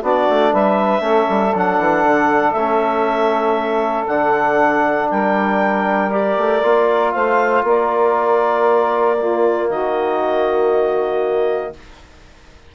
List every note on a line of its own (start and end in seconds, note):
0.00 0.28 B3
0.00 1.01 D4
0.00 0.51 F#4
0.00 0.54 D5
0.29 0.53 A3
0.52 1.00 G3
0.52 1.03 B4
0.52 1.55 E5
1.00 1.26 A3
1.00 1.51 C#4
1.00 5.11 A4
1.30 1.55 G3
1.55 1.79 F#3
1.55 2.57 D4
1.55 2.52 F#5
1.79 2.04 E3
2.04 2.54 D3
2.52 4.06 A3
2.52 4.08 C#4
2.52 4.04 E5
4.07 5.10 D3
4.07 6.11 D4
4.07 5.09 F#5
5.10 6.37 G3
5.10 7.14 A#4
5.10 6.12 G5
6.11 6.62 G4
6.11 7.12 D5
6.37 6.63 A3
6.63 7.14 A#3
6.63 9.17 F4
7.12 7.63 A3
7.12 7.65 C5
7.12 7.63 F5
7.63 9.67 A#3
7.63 9.18 A#4
7.63 9.70 D5
9.19 11.74 A#3
9.19 9.69 F4
9.70 11.74 D#3
9.70 11.73 F#4
9.70 11.73 D#5